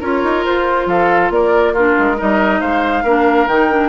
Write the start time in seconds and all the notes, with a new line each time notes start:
0.00 C#4 F4 A#4 C#5
0.24 D#4
0.45 F4 C5
0.86 F3 A4 F5
1.30 A#3 A#4 D5
1.73 D4 F4 A#4
1.99 G#3
2.17 G3 D#4 A#4 D#5
2.61 G#3 C5 F5
3.03 A#3 D4 A#4
3.47 D#3 D#4 G5
3.71 D4